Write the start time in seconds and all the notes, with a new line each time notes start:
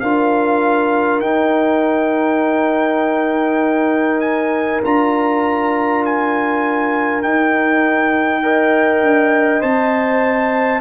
0.00 D4 F4 A#4 F5
1.21 D#4 G5
4.21 G#5
4.84 D4 F4 A#5
6.05 G#5
7.23 D#4 G5
8.43 A#4 D#5
9.02 D4
9.60 C4 C5 A5